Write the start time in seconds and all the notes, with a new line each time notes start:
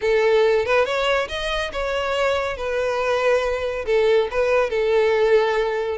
0.01 A4
0.65 B4
0.85 C#5
1.28 D#5
1.72 C#5
2.56 B4
3.85 A4
4.31 B4
4.69 A4